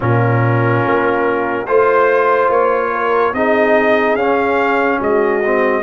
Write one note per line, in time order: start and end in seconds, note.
0.00 0.84 A#2
0.00 1.66 C#4
0.00 1.65 F4
0.00 1.66 A#4
0.84 1.68 A#3
1.66 2.48 A3
1.66 3.34 F4
1.66 2.91 C5
1.66 2.49 C5
2.48 3.32 A#3
2.48 3.34 C#5
2.93 3.34 A#4
3.33 4.15 C4
3.33 4.18 D#4
3.33 4.98 G#4
3.33 4.16 D#5
4.15 4.98 C#4
4.15 5.43 C#4
4.15 4.99 F5
4.98 5.82 G#3
4.98 5.81 F#4
4.98 5.82 D#5
5.45 5.82 C4